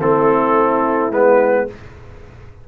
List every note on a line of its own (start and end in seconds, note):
0.00 1.11 A3
0.00 1.12 C4
0.00 1.67 E4
0.00 1.13 A4
1.11 1.67 G#3
1.11 1.68 B3
1.11 1.69 B4